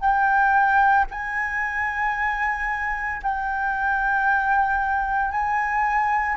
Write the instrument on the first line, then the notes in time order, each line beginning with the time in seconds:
flute
0.00 G5
1.11 G#5
3.22 G5
5.31 G#5